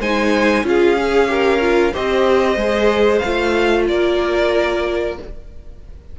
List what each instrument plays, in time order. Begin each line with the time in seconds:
0.00 cello G#3, viola D#4, violin C5 G#5
0.63 cello C#4, viola F4, violin G#4 F5
0.97 viola G#4
1.28 viola G4, violin A#4
1.61 viola F4
1.93 cello C4, viola G4, violin C5 D#5
2.56 cello G#3, viola G#4
3.19 violin F5
3.25 cello A3, viola F4
3.88 cello A#3, violin A#4 D5